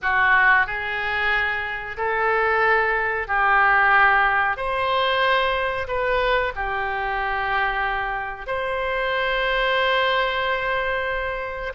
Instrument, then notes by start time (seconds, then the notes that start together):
oboe
0.02 F#4
0.66 G#4
1.97 A4
3.27 G4
4.57 C5
5.87 B4
6.55 G4
8.46 C5